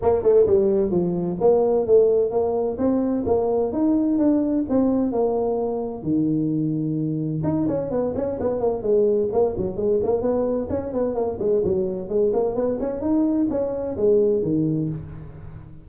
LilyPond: \new Staff \with { instrumentName = "tuba" } { \time 4/4 \tempo 4 = 129 ais8 a8 g4 f4 ais4 | a4 ais4 c'4 ais4 | dis'4 d'4 c'4 ais4~ | ais4 dis2. |
dis'8 cis'8 b8 cis'8 b8 ais8 gis4 | ais8 fis8 gis8 ais8 b4 cis'8 b8 | ais8 gis8 fis4 gis8 ais8 b8 cis'8 | dis'4 cis'4 gis4 dis4 | }